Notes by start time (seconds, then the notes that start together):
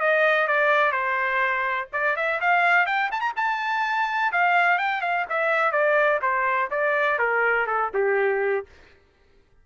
0.00 D#5
0.48 D5
0.92 C5
1.93 D5
2.16 E5
2.41 F5
2.86 G5
3.12 A5
3.21 A#5
3.36 A5
4.32 F5
4.78 G5
5.02 F5
5.30 E5
5.72 D5
6.22 C5
6.71 D5
7.19 A#4
7.66 A4
7.94 G4